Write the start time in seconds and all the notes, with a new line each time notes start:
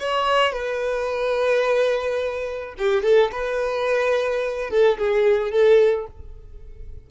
0.00 C#5
0.53 B4
2.79 G4
3.03 A4
3.32 B4
4.70 A4
4.98 G#4
5.51 A4